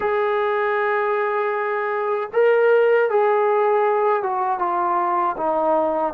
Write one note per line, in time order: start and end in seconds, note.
0.00 2.29 G#4
2.33 3.09 A#4
3.09 4.23 G#4
4.23 4.58 F#4
4.58 5.35 F4
5.37 6.14 D#4